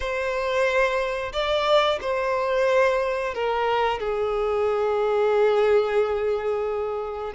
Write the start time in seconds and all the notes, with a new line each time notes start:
0.00 C5
1.32 D5
2.01 C5
3.34 A#4
3.99 G#4